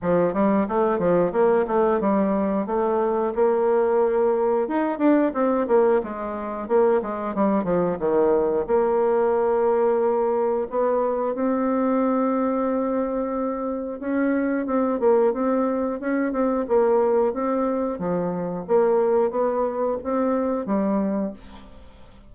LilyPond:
\new Staff \with { instrumentName = "bassoon" } { \time 4/4 \tempo 4 = 90 f8 g8 a8 f8 ais8 a8 g4 | a4 ais2 dis'8 d'8 | c'8 ais8 gis4 ais8 gis8 g8 f8 | dis4 ais2. |
b4 c'2.~ | c'4 cis'4 c'8 ais8 c'4 | cis'8 c'8 ais4 c'4 f4 | ais4 b4 c'4 g4 | }